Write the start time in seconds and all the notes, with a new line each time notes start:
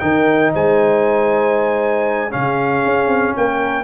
0.00 D#3 D#4 A#4 G5
0.53 G#3 C5 G#5
2.30 C#3 C#4 G#4 F5
2.86 C#4
3.07 C4
3.37 A#3 A#4 G5